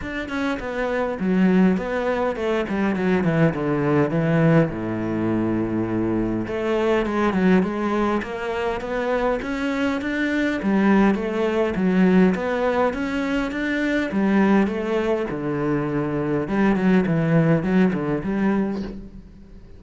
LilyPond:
\new Staff \with { instrumentName = "cello" } { \time 4/4 \tempo 4 = 102 d'8 cis'8 b4 fis4 b4 | a8 g8 fis8 e8 d4 e4 | a,2. a4 | gis8 fis8 gis4 ais4 b4 |
cis'4 d'4 g4 a4 | fis4 b4 cis'4 d'4 | g4 a4 d2 | g8 fis8 e4 fis8 d8 g4 | }